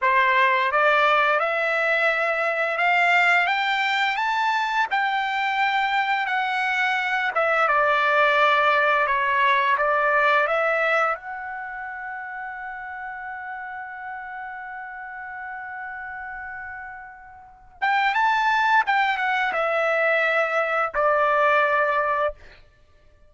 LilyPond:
\new Staff \with { instrumentName = "trumpet" } { \time 4/4 \tempo 4 = 86 c''4 d''4 e''2 | f''4 g''4 a''4 g''4~ | g''4 fis''4. e''8 d''4~ | d''4 cis''4 d''4 e''4 |
fis''1~ | fis''1~ | fis''4. g''8 a''4 g''8 fis''8 | e''2 d''2 | }